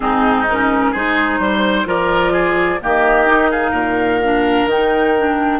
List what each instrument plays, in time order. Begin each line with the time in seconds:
0.00 bassoon G#2, clarinet C4, oboe D#4, flute G#4
0.48 clarinet C#4, flute A#4
0.91 bassoon G#3, clarinet D#4, oboe G#4, flute C5
1.39 bassoon G3, oboe C5
1.85 bassoon F3, clarinet F4, oboe A#4, flute D5
2.32 oboe G#4
2.81 bassoon D#3, clarinet A#3, oboe G4, flute D#5
3.26 clarinet D#4
3.51 oboe G#4, flute F5
3.71 bassoon A#2, oboe A#4
4.23 clarinet D4
4.66 bassoon D#3, clarinet D#4, flute G5
5.18 clarinet D4